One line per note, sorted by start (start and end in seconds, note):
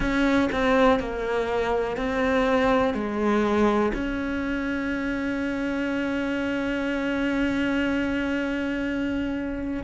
0.00 0.49 C#4
0.51 0.99 C4
0.99 1.97 A#3
1.97 2.94 C4
2.94 3.92 G#3
3.93 9.83 C#4